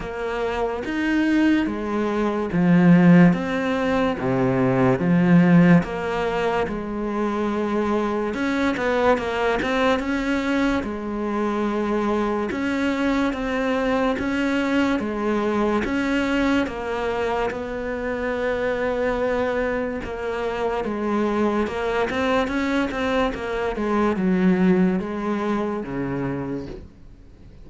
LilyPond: \new Staff \with { instrumentName = "cello" } { \time 4/4 \tempo 4 = 72 ais4 dis'4 gis4 f4 | c'4 c4 f4 ais4 | gis2 cis'8 b8 ais8 c'8 | cis'4 gis2 cis'4 |
c'4 cis'4 gis4 cis'4 | ais4 b2. | ais4 gis4 ais8 c'8 cis'8 c'8 | ais8 gis8 fis4 gis4 cis4 | }